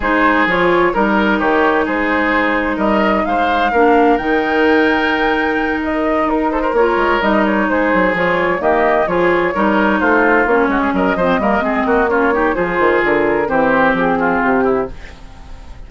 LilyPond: <<
  \new Staff \with { instrumentName = "flute" } { \time 4/4 \tempo 4 = 129 c''4 cis''4 ais'4 cis''4 | c''2 dis''4 f''4~ | f''4 g''2.~ | g''8 dis''4 ais'8 c''8 cis''4 dis''8 |
cis''8 c''4 cis''4 dis''4 cis''8~ | cis''4. c''4 cis''4 dis''8~ | dis''2 cis''4 c''4 | ais'4 c''4 gis'4 g'4 | }
  \new Staff \with { instrumentName = "oboe" } { \time 4/4 gis'2 ais'4 g'4 | gis'2 ais'4 c''4 | ais'1~ | ais'2 a'16 ais'4.~ ais'16~ |
ais'8 gis'2 g'4 gis'8~ | gis'8 ais'4 f'4. fis'16 gis'16 ais'8 | c''8 ais'8 gis'8 fis'8 f'8 g'8 gis'4~ | gis'4 g'4. f'4 e'8 | }
  \new Staff \with { instrumentName = "clarinet" } { \time 4/4 dis'4 f'4 dis'2~ | dis'1 | d'4 dis'2.~ | dis'2~ dis'8 f'4 dis'8~ |
dis'4. f'4 ais4 f'8~ | f'8 dis'2 cis'4. | c'8 ais8 c'4 cis'8 dis'8 f'4~ | f'4 c'2. | }
  \new Staff \with { instrumentName = "bassoon" } { \time 4/4 gis4 f4 g4 dis4 | gis2 g4 gis4 | ais4 dis2.~ | dis4. dis'4 ais8 gis8 g8~ |
g8 gis8 fis8 f4 dis4 f8~ | f8 g4 a4 ais8 gis8 fis8 | f8 g8 gis8 ais4. f8 dis8 | d4 e4 f4 c4 | }
>>